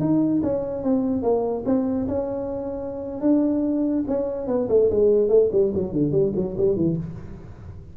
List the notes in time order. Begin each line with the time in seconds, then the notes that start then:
0.00 D#4
0.43 C#4
0.83 C4
1.23 A#3
1.66 C4
2.08 C#4
3.21 D4
4.07 C#4
4.47 B3
4.69 A3
4.91 G#3
5.29 A3
5.52 G3
5.74 F#3
5.92 D3
6.11 G3
6.36 F#3
6.58 G3
6.76 E3